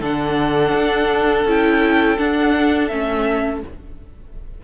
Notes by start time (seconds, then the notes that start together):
0.00 D3 D4 A4 F#5
0.73 D4
1.45 C#4 E4 G5
2.17 D4 F#5
2.87 A3 C#4 E5